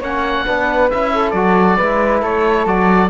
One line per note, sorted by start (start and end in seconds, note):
0.00 0.44 A#3
0.00 0.46 C#4
0.00 0.44 C#5
0.00 0.90 F#5
0.45 0.92 B3
0.45 0.90 D4
0.45 1.11 B4
0.90 1.33 C#4
0.90 1.35 E4
0.90 1.31 E5
1.14 1.77 A4
1.31 1.77 F#3
1.31 1.79 F#4
1.31 2.19 D5
1.77 2.22 G#3
1.77 2.66 E4
1.77 2.22 B4
2.22 2.66 A3
2.22 3.09 A4
2.22 2.67 C#5
2.66 3.09 F#3
2.66 3.09 F#4
2.66 3.09 D5